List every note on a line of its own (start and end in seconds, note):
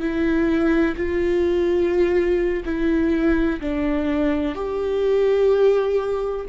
0.00 0.95 E4
0.97 2.63 F4
2.65 3.60 E4
3.61 4.55 D4
4.55 6.46 G4